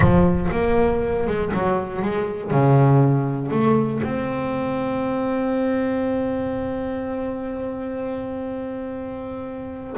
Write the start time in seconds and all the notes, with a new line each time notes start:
0.00 F3
0.51 A#3
1.27 G#3
1.53 F#3
2.02 G#3
2.50 C#3
3.50 A3
4.03 C4